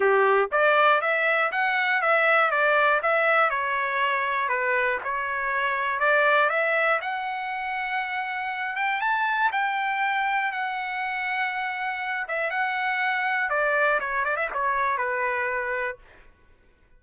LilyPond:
\new Staff \with { instrumentName = "trumpet" } { \time 4/4 \tempo 4 = 120 g'4 d''4 e''4 fis''4 | e''4 d''4 e''4 cis''4~ | cis''4 b'4 cis''2 | d''4 e''4 fis''2~ |
fis''4. g''8 a''4 g''4~ | g''4 fis''2.~ | fis''8 e''8 fis''2 d''4 | cis''8 d''16 e''16 cis''4 b'2 | }